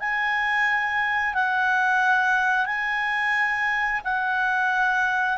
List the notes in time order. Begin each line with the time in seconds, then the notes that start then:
0.00 G#5
1.35 F#5
2.66 G#5
4.04 F#5